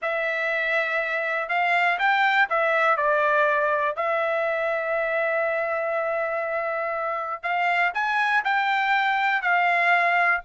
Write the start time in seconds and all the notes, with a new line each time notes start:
0.01 E5
1.49 F5
1.98 G5
2.49 E5
2.97 D5
3.96 E5
7.42 F5
7.93 G#5
8.44 G5
9.41 F5